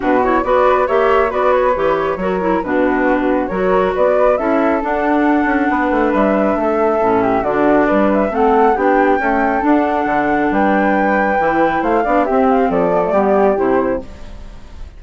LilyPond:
<<
  \new Staff \with { instrumentName = "flute" } { \time 4/4 \tempo 4 = 137 b'8 cis''8 d''4 e''4 d''8 cis''8~ | cis''2 b'2 | cis''4 d''4 e''4 fis''4~ | fis''2 e''2~ |
e''4 d''4. e''8 fis''4 | g''2 fis''2 | g''2. f''4 | e''8 f''8 d''2 c''4 | }
  \new Staff \with { instrumentName = "flute" } { \time 4/4 fis'4 b'4 cis''4 b'4~ | b'4 ais'4 fis'2 | ais'4 b'4 a'2~ | a'4 b'2 a'4~ |
a'8 g'8 fis'4 b'4 a'4 | g'4 a'2. | b'2. c''8 d''8 | g'4 a'4 g'2 | }
  \new Staff \with { instrumentName = "clarinet" } { \time 4/4 d'8 e'8 fis'4 g'4 fis'4 | g'4 fis'8 e'8 d'2 | fis'2 e'4 d'4~ | d'1 |
cis'4 d'2 c'4 | d'4 a4 d'2~ | d'2 e'4. d'8 | c'4. b16 a16 b4 e'4 | }
  \new Staff \with { instrumentName = "bassoon" } { \time 4/4 b,4 b4 ais4 b4 | e4 fis4 b,2 | fis4 b4 cis'4 d'4~ | d'8 cis'8 b8 a8 g4 a4 |
a,4 d4 g4 a4 | b4 cis'4 d'4 d4 | g2 e4 a8 b8 | c'4 f4 g4 c4 | }
>>